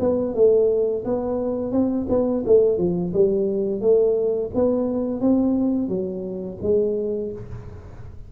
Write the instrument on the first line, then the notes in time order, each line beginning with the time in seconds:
tuba
0.00 B3
0.34 A3
1.05 B3
1.72 C4
2.09 B3
2.46 A3
2.78 F3
3.13 G3
3.81 A3
4.54 B3
5.21 C4
5.88 F#3
6.62 G#3